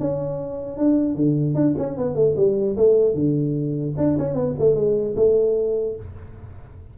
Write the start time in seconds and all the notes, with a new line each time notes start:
0.00 C#4
0.78 D4
1.15 D3
1.55 D4
1.78 C#4
1.97 B3
2.15 A3
2.37 G3
2.77 A3
3.14 D3
3.97 D4
4.19 C#4
4.34 B3
4.59 A3
4.75 G#3
5.16 A3